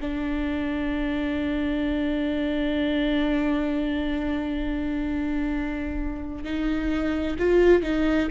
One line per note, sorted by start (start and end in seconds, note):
0.00 6.44 D4
6.44 7.36 D#4
7.38 7.82 F4
7.82 8.28 D#4